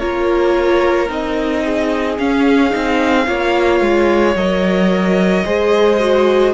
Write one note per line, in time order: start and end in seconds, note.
0.00 1.10 A#3
0.00 1.09 F4
0.00 1.64 A#4
0.00 1.09 C#5
1.09 2.19 C4
1.09 2.18 D#4
1.09 2.19 D#5
1.65 3.28 G#4
2.19 2.70 C#4
2.19 2.74 C#4
2.19 4.37 F5
2.70 3.28 C4
2.70 3.25 D#4
3.27 3.81 A#3
3.27 4.36 F4
3.27 5.46 C#5
3.81 4.35 G#3
4.35 5.45 F#3
4.35 5.45 A#4
4.35 6.54 D#5
5.45 6.54 G#3
5.45 6.00 G#4
5.45 6.54 C5
6.00 6.54 F#4